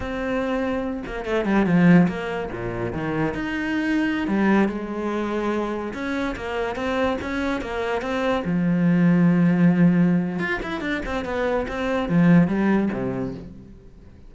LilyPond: \new Staff \with { instrumentName = "cello" } { \time 4/4 \tempo 4 = 144 c'2~ c'8 ais8 a8 g8 | f4 ais4 ais,4 dis4 | dis'2~ dis'16 g4 gis8.~ | gis2~ gis16 cis'4 ais8.~ |
ais16 c'4 cis'4 ais4 c'8.~ | c'16 f2.~ f8.~ | f4 f'8 e'8 d'8 c'8 b4 | c'4 f4 g4 c4 | }